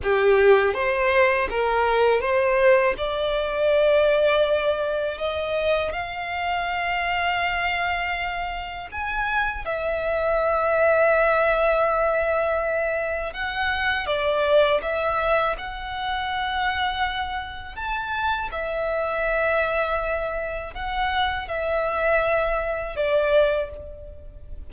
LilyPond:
\new Staff \with { instrumentName = "violin" } { \time 4/4 \tempo 4 = 81 g'4 c''4 ais'4 c''4 | d''2. dis''4 | f''1 | gis''4 e''2.~ |
e''2 fis''4 d''4 | e''4 fis''2. | a''4 e''2. | fis''4 e''2 d''4 | }